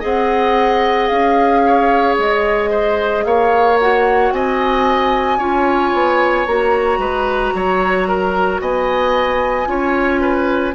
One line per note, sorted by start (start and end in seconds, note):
0.00 1.10 C4
0.00 3.75 G#4
0.00 1.61 D#5
0.00 1.08 F#5
1.08 2.17 C#4
1.08 2.15 F5
1.66 2.70 C#5
2.18 3.25 G#3
2.18 3.24 D#5
2.70 3.24 C5
3.24 4.32 A#3
3.24 4.33 C#5
3.24 3.78 F5
3.80 5.39 F#4
3.80 4.32 F#5
4.32 5.38 C4
4.32 5.38 D#5
4.32 6.46 G#5
5.38 5.92 C#4
5.38 6.46 F4
5.38 6.99 C#5
5.94 6.46 B3
6.46 6.98 A#3
6.46 9.66 F#4
6.46 8.61 A#5
6.98 7.52 G#3
6.98 7.54 B4
7.54 8.60 F#3
7.54 8.08 C#5
8.08 8.61 A#4
8.60 9.67 B3
8.60 9.68 D#5
8.60 10.75 G#5
9.66 10.74 C#4
9.66 10.73 F4
9.66 10.21 C#5
10.21 10.74 B4